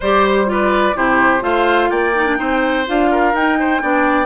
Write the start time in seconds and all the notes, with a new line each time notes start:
0.00 G3 G4 C5 D5
0.25 C5
0.46 F4 B4 D5
0.94 C3 E4 G4 C5
1.40 A3 F4 C5 F5
1.90 A#3 D5 G5
2.14 D#4
2.26 D4
2.36 C4 D#4 C5
2.86 D4 F4 F5
3.11 A#4
3.33 D#4 G5
3.59 C5
3.81 B3 D4 D5